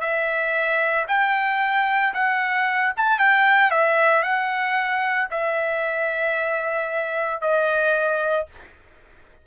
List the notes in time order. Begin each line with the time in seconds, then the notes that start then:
0.00 E5
1.08 G5
2.14 F#5
2.97 A5
3.18 G5
3.70 E5
4.22 F#5
5.31 E5
7.41 D#5